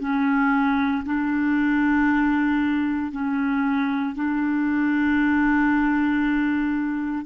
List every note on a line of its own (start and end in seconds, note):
0.00 1.03 C#4
1.05 3.12 D4
3.12 4.15 C#4
4.15 7.25 D4